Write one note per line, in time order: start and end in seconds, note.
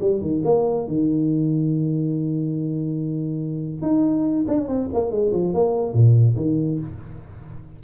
0.00 0.21 G3
0.21 0.42 D#3
0.44 0.87 A#3
0.87 3.81 D#3
3.81 4.45 D#4
4.48 4.67 D4
4.67 4.89 C4
4.93 5.10 A#3
5.10 5.32 G#3
5.32 5.53 F3
5.53 5.93 A#3
5.93 6.35 A#2
6.36 6.79 D#3